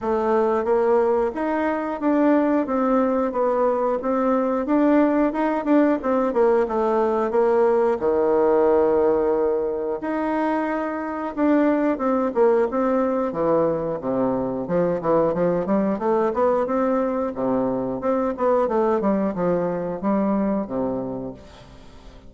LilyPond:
\new Staff \with { instrumentName = "bassoon" } { \time 4/4 \tempo 4 = 90 a4 ais4 dis'4 d'4 | c'4 b4 c'4 d'4 | dis'8 d'8 c'8 ais8 a4 ais4 | dis2. dis'4~ |
dis'4 d'4 c'8 ais8 c'4 | e4 c4 f8 e8 f8 g8 | a8 b8 c'4 c4 c'8 b8 | a8 g8 f4 g4 c4 | }